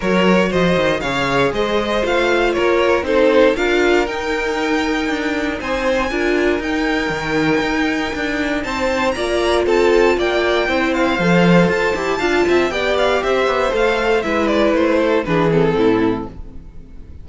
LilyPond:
<<
  \new Staff \with { instrumentName = "violin" } { \time 4/4 \tempo 4 = 118 cis''4 dis''4 f''4 dis''4 | f''4 cis''4 c''4 f''4 | g''2. gis''4~ | gis''4 g''2.~ |
g''4 a''4 ais''4 a''4 | g''4. f''4. a''4~ | a''4 g''8 f''8 e''4 f''4 | e''8 d''8 c''4 b'8 a'4. | }
  \new Staff \with { instrumentName = "violin" } { \time 4/4 ais'4 c''4 cis''4 c''4~ | c''4 ais'4 a'4 ais'4~ | ais'2. c''4 | ais'1~ |
ais'4 c''4 d''4 a'4 | d''4 c''2. | f''8 e''8 d''4 c''2 | b'4. a'8 gis'4 e'4 | }
  \new Staff \with { instrumentName = "viola" } { \time 4/4 fis'2 gis'2 | f'2 dis'4 f'4 | dis'1 | f'4 dis'2.~ |
dis'2 f'2~ | f'4 e'4 a'4. g'8 | f'4 g'2 a'4 | e'2 d'8 c'4. | }
  \new Staff \with { instrumentName = "cello" } { \time 4/4 fis4 f8 dis8 cis4 gis4 | a4 ais4 c'4 d'4 | dis'2 d'4 c'4 | d'4 dis'4 dis4 dis'4 |
d'4 c'4 ais4 c'4 | ais4 c'4 f4 f'8 e'8 | d'8 c'8 b4 c'8 b8 a4 | gis4 a4 e4 a,4 | }
>>